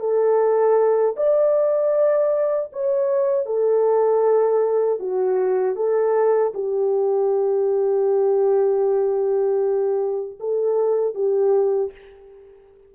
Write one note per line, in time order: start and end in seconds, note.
0.00 1.15 A4
1.17 2.71 D5
2.73 3.46 C#5
3.46 5.00 A4
5.00 5.76 F#4
5.76 6.52 A4
6.55 10.39 G4
10.40 11.15 A4
11.15 11.92 G4